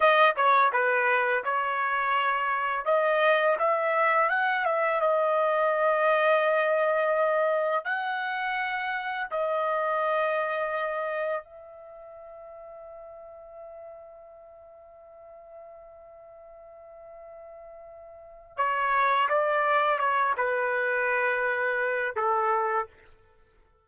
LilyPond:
\new Staff \with { instrumentName = "trumpet" } { \time 4/4 \tempo 4 = 84 dis''8 cis''8 b'4 cis''2 | dis''4 e''4 fis''8 e''8 dis''4~ | dis''2. fis''4~ | fis''4 dis''2. |
e''1~ | e''1~ | e''2 cis''4 d''4 | cis''8 b'2~ b'8 a'4 | }